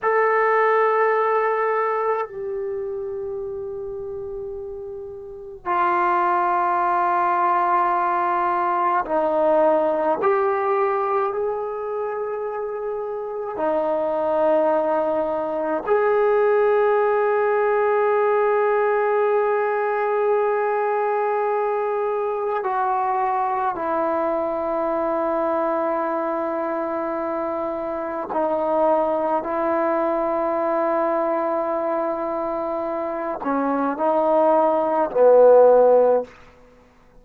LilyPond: \new Staff \with { instrumentName = "trombone" } { \time 4/4 \tempo 4 = 53 a'2 g'2~ | g'4 f'2. | dis'4 g'4 gis'2 | dis'2 gis'2~ |
gis'1 | fis'4 e'2.~ | e'4 dis'4 e'2~ | e'4. cis'8 dis'4 b4 | }